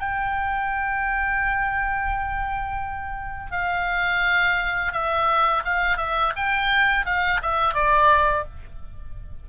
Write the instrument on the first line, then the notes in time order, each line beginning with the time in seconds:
oboe
0.00 G5
3.51 F5
4.93 E5
5.65 F5
5.97 E5
6.36 G5
7.06 F5
7.42 E5
7.74 D5